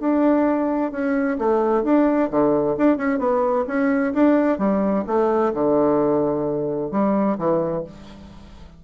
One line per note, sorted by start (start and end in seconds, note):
0.00 0.92 D4
0.92 1.38 C#4
1.39 1.84 A3
1.84 2.30 D4
2.31 2.77 D3
2.78 2.98 D4
2.98 3.19 C#4
3.19 3.65 B3
3.68 4.14 C#4
4.14 4.59 D4
4.59 5.05 G3
5.07 5.53 A3
5.54 6.91 D3
6.91 7.38 G3
7.38 7.84 E3